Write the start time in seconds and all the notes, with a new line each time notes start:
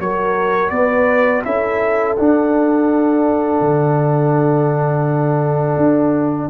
0.00 F#3 F#4 A#4 C#5
0.70 B3 B4 D5
1.45 C#4 E4 A4 E5
2.16 D4 F#5
3.61 D3
5.77 D4